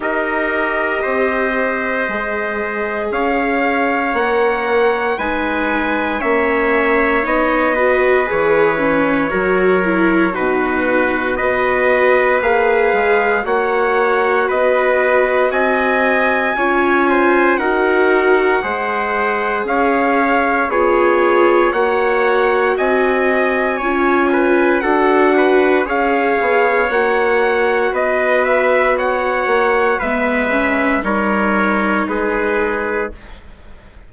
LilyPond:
<<
  \new Staff \with { instrumentName = "trumpet" } { \time 4/4 \tempo 4 = 58 dis''2. f''4 | fis''4 gis''4 e''4 dis''4 | cis''2 b'4 dis''4 | f''4 fis''4 dis''4 gis''4~ |
gis''4 fis''2 f''4 | cis''4 fis''4 gis''2 | fis''4 f''4 fis''4 dis''8 e''8 | fis''4 e''4 cis''4 b'4 | }
  \new Staff \with { instrumentName = "trumpet" } { \time 4/4 ais'4 c''2 cis''4~ | cis''4 b'4 cis''4. b'8~ | b'4 ais'4 fis'4 b'4~ | b'4 cis''4 b'4 dis''4 |
cis''8 c''8 ais'4 c''4 cis''4 | gis'4 cis''4 dis''4 cis''8 b'8 | a'8 b'8 cis''2 b'4 | cis''4 b'4 ais'4 gis'4 | }
  \new Staff \with { instrumentName = "viola" } { \time 4/4 g'2 gis'2 | ais'4 dis'4 cis'4 dis'8 fis'8 | gis'8 cis'8 fis'8 e'8 dis'4 fis'4 | gis'4 fis'2. |
f'4 fis'4 gis'2 | f'4 fis'2 f'4 | fis'4 gis'4 fis'2~ | fis'4 b8 cis'8 dis'2 | }
  \new Staff \with { instrumentName = "bassoon" } { \time 4/4 dis'4 c'4 gis4 cis'4 | ais4 gis4 ais4 b4 | e4 fis4 b,4 b4 | ais8 gis8 ais4 b4 c'4 |
cis'4 dis'4 gis4 cis'4 | b4 ais4 c'4 cis'4 | d'4 cis'8 b8 ais4 b4~ | b8 ais8 gis4 g4 gis4 | }
>>